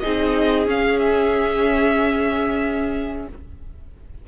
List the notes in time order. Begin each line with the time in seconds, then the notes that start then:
0.00 C4 D#4 G#4 D#5
0.67 C#4 F5
1.00 E5